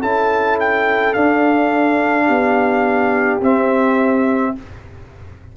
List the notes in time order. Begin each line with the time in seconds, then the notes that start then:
0.00 C#4 E4 A4 A5
0.60 G5
1.14 D4 F5
2.26 B3 G4
3.41 C4 E5